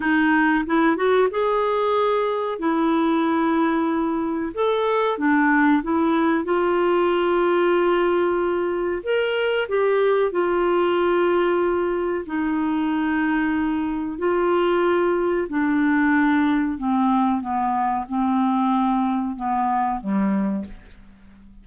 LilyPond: \new Staff \with { instrumentName = "clarinet" } { \time 4/4 \tempo 4 = 93 dis'4 e'8 fis'8 gis'2 | e'2. a'4 | d'4 e'4 f'2~ | f'2 ais'4 g'4 |
f'2. dis'4~ | dis'2 f'2 | d'2 c'4 b4 | c'2 b4 g4 | }